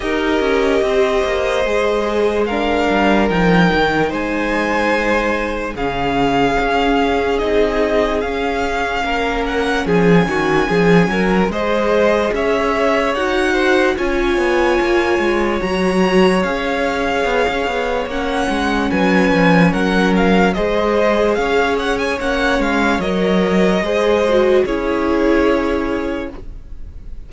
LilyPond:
<<
  \new Staff \with { instrumentName = "violin" } { \time 4/4 \tempo 4 = 73 dis''2. f''4 | g''4 gis''2 f''4~ | f''4 dis''4 f''4. fis''8 | gis''2 dis''4 e''4 |
fis''4 gis''2 ais''4 | f''2 fis''4 gis''4 | fis''8 f''8 dis''4 f''8 fis''16 gis''16 fis''8 f''8 | dis''2 cis''2 | }
  \new Staff \with { instrumentName = "violin" } { \time 4/4 ais'4 c''2 ais'4~ | ais'4 c''2 gis'4~ | gis'2. ais'4 | gis'8 fis'8 gis'8 ais'8 c''4 cis''4~ |
cis''8 c''8 cis''2.~ | cis''2. b'4 | ais'4 c''4 cis''2~ | cis''4 c''4 gis'2 | }
  \new Staff \with { instrumentName = "viola" } { \time 4/4 g'2 gis'4 d'4 | dis'2. cis'4~ | cis'4 dis'4 cis'2~ | cis'2 gis'2 |
fis'4 f'2 fis'4 | gis'2 cis'2~ | cis'4 gis'2 cis'4 | ais'4 gis'8 fis'8 e'2 | }
  \new Staff \with { instrumentName = "cello" } { \time 4/4 dis'8 cis'8 c'8 ais8 gis4. g8 | f8 dis8 gis2 cis4 | cis'4 c'4 cis'4 ais4 | f8 dis8 f8 fis8 gis4 cis'4 |
dis'4 cis'8 b8 ais8 gis8 fis4 | cis'4 b16 cis'16 b8 ais8 gis8 fis8 f8 | fis4 gis4 cis'4 ais8 gis8 | fis4 gis4 cis'2 | }
>>